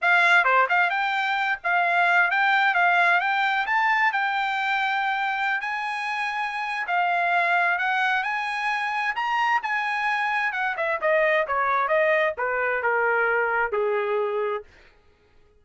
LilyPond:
\new Staff \with { instrumentName = "trumpet" } { \time 4/4 \tempo 4 = 131 f''4 c''8 f''8 g''4. f''8~ | f''4 g''4 f''4 g''4 | a''4 g''2.~ | g''16 gis''2~ gis''8. f''4~ |
f''4 fis''4 gis''2 | ais''4 gis''2 fis''8 e''8 | dis''4 cis''4 dis''4 b'4 | ais'2 gis'2 | }